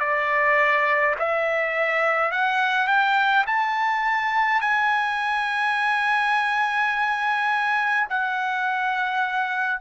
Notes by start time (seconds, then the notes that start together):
0.00 D5
1.19 E5
2.31 F#5
2.87 G5
3.47 A5
4.62 G#5
8.10 F#5